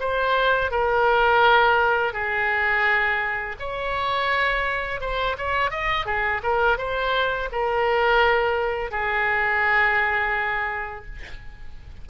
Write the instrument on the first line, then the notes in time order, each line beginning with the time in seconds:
oboe
0.00 C5
0.71 A#4
2.13 G#4
3.59 C#5
5.00 C5
5.38 C#5
5.70 D#5
6.06 G#4
6.43 A#4
6.78 C5
7.52 A#4
8.91 G#4